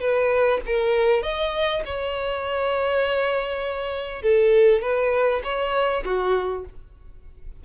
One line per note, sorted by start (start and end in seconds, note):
0.00 0.60 B4
0.66 1.22 A#4
1.22 1.82 D#5
1.85 4.22 C#5
4.22 4.82 A4
4.82 5.42 B4
5.44 6.04 C#5
6.05 6.65 F#4